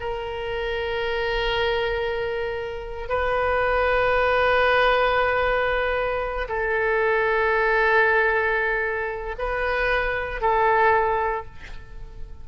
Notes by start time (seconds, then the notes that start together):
0.00 A#4
3.09 B4
6.49 A4
9.39 B4
10.42 A4